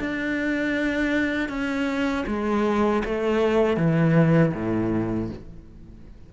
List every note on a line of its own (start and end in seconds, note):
0.00 1.49 D4
1.49 2.25 C#4
2.28 3.03 G#3
3.06 3.77 A3
3.77 4.53 E3
4.55 5.31 A2